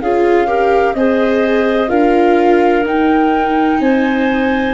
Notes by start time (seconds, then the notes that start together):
0.00 C#4 F4 G#4 F5
0.46 G4 A#4
0.94 C4 G#4 C5 D#5
1.87 D4 F4 A#4 F5
2.84 D#4 G5
3.80 C4 C5 G#5